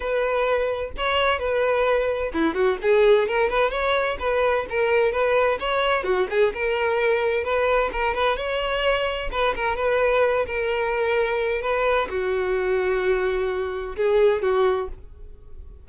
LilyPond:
\new Staff \with { instrumentName = "violin" } { \time 4/4 \tempo 4 = 129 b'2 cis''4 b'4~ | b'4 e'8 fis'8 gis'4 ais'8 b'8 | cis''4 b'4 ais'4 b'4 | cis''4 fis'8 gis'8 ais'2 |
b'4 ais'8 b'8 cis''2 | b'8 ais'8 b'4. ais'4.~ | ais'4 b'4 fis'2~ | fis'2 gis'4 fis'4 | }